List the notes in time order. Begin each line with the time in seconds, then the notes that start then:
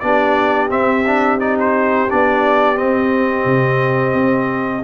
0.00 B3 D4 G4 D5
0.69 C4 E5
1.07 D4
1.39 D#4 D5
1.59 C5
2.09 B3 D4 D5
2.76 C4 D#5
3.45 C3
4.14 C4